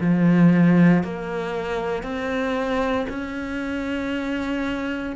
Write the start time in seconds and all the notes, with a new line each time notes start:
0.00 F3
1.03 A#3
2.03 C4
3.09 C#4